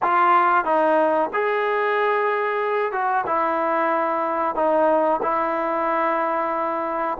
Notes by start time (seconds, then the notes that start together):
0.02 F4
0.65 D#4
1.33 G#4
2.92 F#4
3.26 E4
4.55 D#4
5.22 E4